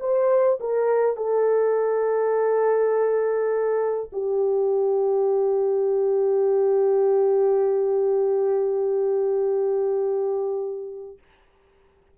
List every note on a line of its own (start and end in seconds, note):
0.00 0.59 C5
0.60 1.17 A#4
1.17 4.11 A4
4.12 11.18 G4